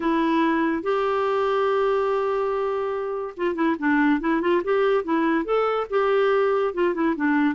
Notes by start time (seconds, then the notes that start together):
0.00 E4
0.82 G4
3.36 F4
3.55 E4
3.78 D4
4.20 E4
4.41 F4
4.64 G4
5.04 E4
5.45 A4
5.90 G4
6.74 F4
6.94 E4
7.15 D4